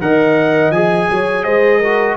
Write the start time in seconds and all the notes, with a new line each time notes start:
0.00 D#3 A#4 D#5 F#5
0.71 F3 G#4 G#5
1.10 F#3 C#5
1.44 G#3 C5 D#5
1.79 F#4 A#4